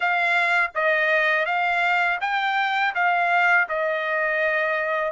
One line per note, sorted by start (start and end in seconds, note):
0.00 0.70 F5
0.75 1.45 D#5
1.45 2.19 F5
2.21 2.94 G5
2.94 3.68 F5
3.69 5.12 D#5